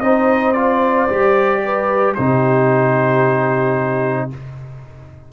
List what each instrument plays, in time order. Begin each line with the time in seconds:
0.00 tuba C4, trombone D#4, horn C5, trumpet D#5
0.52 trombone F4, trumpet D5
1.09 tuba G3, trombone G4
1.65 horn B4
2.15 tuba C3, trombone D#4, horn G4, trumpet C5